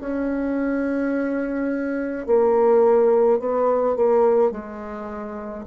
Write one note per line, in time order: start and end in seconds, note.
0.00 2.26 C#4
2.26 3.39 A#3
3.39 3.96 B3
3.96 4.51 A#3
4.51 5.64 G#3